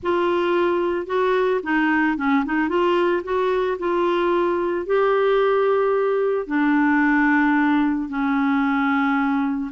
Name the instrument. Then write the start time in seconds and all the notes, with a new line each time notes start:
clarinet
0.02 F4
1.06 F#4
1.63 D#4
2.17 C#4
2.45 D#4
2.68 F4
3.23 F#4
3.78 F4
4.86 G4
6.46 D4
8.09 C#4